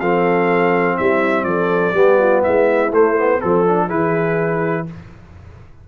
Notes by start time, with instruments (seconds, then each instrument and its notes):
0.00 tuba F3, trombone C4, horn A4, trumpet F5
0.96 tuba G3, horn E4, trumpet E5
1.44 tuba F3, horn A4, trumpet D5
1.94 tuba G3, trombone B3, horn G4
2.20 horn F4
2.43 tuba G#3, horn E4, trumpet E5
2.92 tuba A3, trombone A3, trumpet C5
3.18 trombone B3
3.41 tuba F3, trombone C4, horn A4, trumpet A4
3.67 trombone D4
3.87 tuba E3, trombone E4, horn G#4, trumpet B4